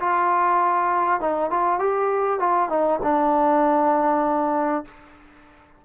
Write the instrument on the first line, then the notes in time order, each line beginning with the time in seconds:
trombone
0.00 F4
1.20 D#4
1.50 F4
1.79 G4
2.39 F4
2.69 D#4
3.03 D4